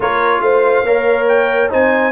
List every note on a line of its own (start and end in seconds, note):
0.00 0.40 A#3
0.00 0.84 F4
0.00 0.42 A#4
0.00 0.41 C#5
0.40 0.82 A3
0.40 0.85 C5
0.40 1.26 F5
0.82 1.68 A#3
0.82 1.69 A#4
0.82 1.70 C#5
1.28 1.70 G5
1.69 2.11 C4
1.69 2.11 D#4
1.69 2.11 C5
1.69 2.11 G#5